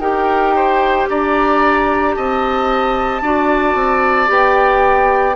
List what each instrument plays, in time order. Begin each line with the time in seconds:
0.00 bassoon D#4, clarinet G4, oboe A#4, flute G5
0.56 oboe C5
1.10 bassoon D4, oboe D5, flute A#5
2.15 bassoon C4, oboe D#5, flute A5
3.22 bassoon D4, clarinet F#4, oboe D5
3.75 bassoon C4
4.27 bassoon B3, clarinet G4, flute G5